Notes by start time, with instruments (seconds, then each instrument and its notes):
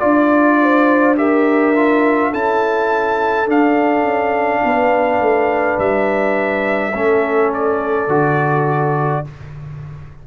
0.00 tuba D4, trombone F4, trumpet D5, horn D5
0.62 horn C5
1.16 trombone G4, horn A#4, trumpet E5
1.76 trombone F4
2.31 tuba C#4, trombone E4, horn A4, trumpet A5
3.47 trombone D4, tuba D4, trumpet F5
4.04 tuba C#4
4.64 tuba B3, horn B4
5.21 tuba A3
5.79 tuba G3, trumpet E5
6.94 tuba A3, trombone C#4, horn A4
7.54 trumpet D5
8.08 tuba D3, trombone F#4